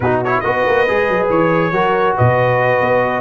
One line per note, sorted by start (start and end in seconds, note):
0.00 0.42 B2
0.00 0.25 D#4
0.00 0.45 F#4
0.00 0.19 B4
0.24 0.43 E4
0.24 0.40 C#5
0.40 0.65 B3
0.40 0.87 F#4
0.40 1.26 D#5
0.47 1.72 B4
0.66 0.87 A#3
0.87 1.09 G#3
0.87 1.73 G#4
1.09 1.29 F#3
1.29 1.71 E3
1.29 2.16 C#5
1.71 2.14 F#3
1.71 3.21 F#4
1.71 2.16 A#4
2.16 2.80 B2
2.16 3.21 B4
2.16 3.21 D#5
2.80 3.21 B3